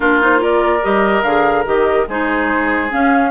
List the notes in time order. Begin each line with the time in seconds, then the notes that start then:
0.00 A#3 D4 F4 A#4
0.21 D#4 C5
0.37 F4 A#4 D5
0.82 G3 G4 D#5
1.22 D3 G#4 F5
1.65 D#3 G4 D#5
2.07 G#3 D#4 G#4 C5
2.89 C#4 F5